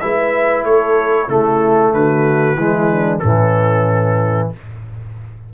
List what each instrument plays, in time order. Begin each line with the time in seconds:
0.00 tuba G#3, trombone E4, horn B4, trumpet E5
0.64 tuba A3, horn A4, trumpet C#5
1.28 tuba C#3, trombone A3, horn E4, trumpet A4
1.93 tuba D3, horn F#4, trumpet B4
2.56 tuba E3, trombone G#3
2.62 horn E4
2.92 horn D4
3.19 tuba A2, trombone E3, horn C#4, trumpet A4